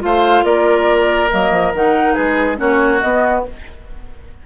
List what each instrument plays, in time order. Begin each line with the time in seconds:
0.00 bassoon A3, clarinet F4, oboe C5, flute F5
0.44 bassoon A#3, oboe A#4, flute D5
1.31 bassoon F#3, clarinet A#3, flute D#5
1.52 bassoon F3
1.74 bassoon D#3, clarinet D#4, flute F#5
2.14 bassoon G#3, oboe G#4, flute B4
2.56 bassoon A#3, clarinet C#4, oboe F#4, flute C#5
3.01 bassoon B3, clarinet B3, flute D#5